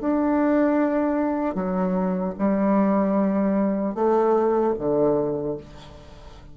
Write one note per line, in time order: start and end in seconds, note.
0.00 1.54 D4
1.54 2.33 F#3
2.38 3.94 G3
3.94 4.73 A3
4.78 5.57 D3